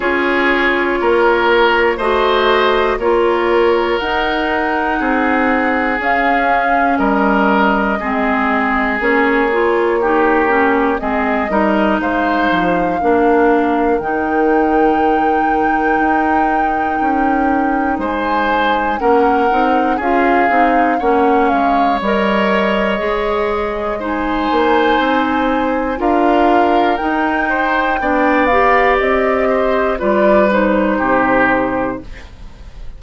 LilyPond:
<<
  \new Staff \with { instrumentName = "flute" } { \time 4/4 \tempo 4 = 60 cis''2 dis''4 cis''4 | fis''2 f''4 dis''4~ | dis''4 cis''2 dis''4 | f''2 g''2~ |
g''2 gis''4 fis''4 | f''4 fis''8 f''8 dis''2 | gis''2 f''4 g''4~ | g''8 f''8 dis''4 d''8 c''4. | }
  \new Staff \with { instrumentName = "oboe" } { \time 4/4 gis'4 ais'4 c''4 ais'4~ | ais'4 gis'2 ais'4 | gis'2 g'4 gis'8 ais'8 | c''4 ais'2.~ |
ais'2 c''4 ais'4 | gis'4 cis''2. | c''2 ais'4. c''8 | d''4. c''8 b'4 g'4 | }
  \new Staff \with { instrumentName = "clarinet" } { \time 4/4 f'2 fis'4 f'4 | dis'2 cis'2 | c'4 cis'8 f'8 dis'8 cis'8 c'8 dis'8~ | dis'4 d'4 dis'2~ |
dis'2. cis'8 dis'8 | f'8 dis'8 cis'4 ais'4 gis'4 | dis'2 f'4 dis'4 | d'8 g'4. f'8 dis'4. | }
  \new Staff \with { instrumentName = "bassoon" } { \time 4/4 cis'4 ais4 a4 ais4 | dis'4 c'4 cis'4 g4 | gis4 ais2 gis8 g8 | gis8 f8 ais4 dis2 |
dis'4 cis'4 gis4 ais8 c'8 | cis'8 c'8 ais8 gis8 g4 gis4~ | gis8 ais8 c'4 d'4 dis'4 | b4 c'4 g4 c4 | }
>>